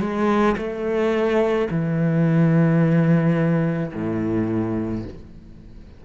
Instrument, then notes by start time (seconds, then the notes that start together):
cello
0.00 G#3
0.57 A3
1.71 E3
3.93 A2